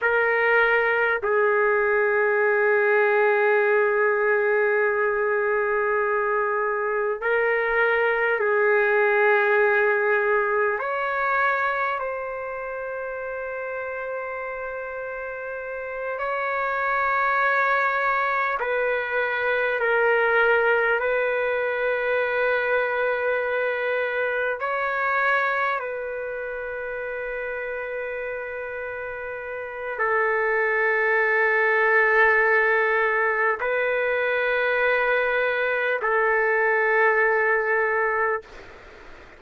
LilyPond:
\new Staff \with { instrumentName = "trumpet" } { \time 4/4 \tempo 4 = 50 ais'4 gis'2.~ | gis'2 ais'4 gis'4~ | gis'4 cis''4 c''2~ | c''4. cis''2 b'8~ |
b'8 ais'4 b'2~ b'8~ | b'8 cis''4 b'2~ b'8~ | b'4 a'2. | b'2 a'2 | }